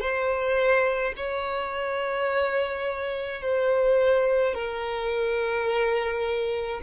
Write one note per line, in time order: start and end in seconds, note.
0.00 1.13 C5
1.16 3.42 C#5
3.42 4.54 C5
4.54 6.80 A#4